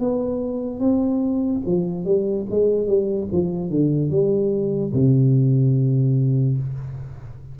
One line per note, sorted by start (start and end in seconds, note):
0.00 0.80 B3
0.80 1.62 C4
1.66 2.05 F3
2.05 2.46 G3
2.50 2.87 G#3
2.87 3.28 G3
3.32 3.70 F3
3.70 4.10 D3
4.10 4.92 G3
4.93 6.58 C3